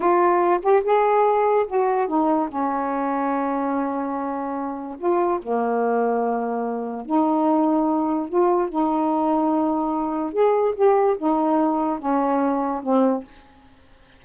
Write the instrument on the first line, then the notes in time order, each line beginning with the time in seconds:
saxophone
0.00 F4
0.62 G4
0.83 G#4
1.67 F#4
2.07 D#4
2.48 C#4
4.98 F4
5.42 A#3
7.05 D#4
8.28 F4
8.69 D#4
10.32 G#4
10.75 G4
11.18 D#4
11.99 C#4
12.82 C4